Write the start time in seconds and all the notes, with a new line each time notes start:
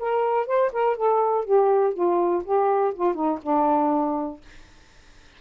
0.00 A#4
0.47 C5
0.73 A#4
0.97 A4
1.46 G4
1.94 F4
2.45 G4
2.95 F4
3.15 D#4
3.43 D4